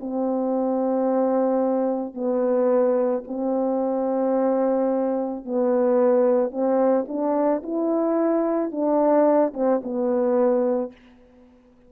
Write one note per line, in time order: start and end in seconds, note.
0.00 2.14 C4
2.14 3.23 B3
3.27 5.44 C4
5.44 6.51 B3
6.51 7.05 C4
7.08 7.62 D4
7.63 8.71 E4
8.71 9.53 D4
9.54 9.81 C4
9.83 10.92 B3